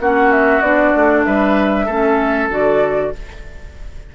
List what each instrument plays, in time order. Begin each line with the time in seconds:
0.00 bassoon A#3, clarinet C#4, oboe F#4, flute F#5
0.32 flute E5
0.61 bassoon B3, clarinet D4, flute D5
0.95 bassoon A3
1.25 bassoon G3, oboe B4, flute E5
1.86 bassoon A3, clarinet C#4, oboe A4
2.49 bassoon D3, clarinet F#4, flute D5